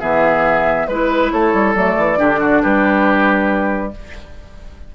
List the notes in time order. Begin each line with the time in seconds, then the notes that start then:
0.00 E3 B3 G#4 E5
0.87 G#3 E4 B4
1.31 A3 A4 C#5
1.54 G3
1.75 F#3 A3 D5
1.98 E3
2.17 D3 D4 G4
2.40 F#4
2.63 G3 G4 B4